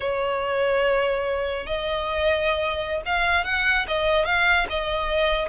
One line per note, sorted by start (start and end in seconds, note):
0.00 1.66 C#5
1.66 3.01 D#5
3.05 3.44 F5
3.44 3.86 F#5
3.87 4.25 D#5
4.25 4.66 F5
4.69 5.48 D#5